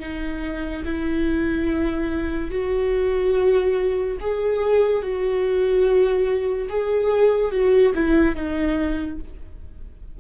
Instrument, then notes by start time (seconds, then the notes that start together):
viola
0.00 D#4
0.86 E4
2.51 F#4
4.21 G#4
5.03 F#4
6.70 G#4
7.52 F#4
7.95 E4
8.36 D#4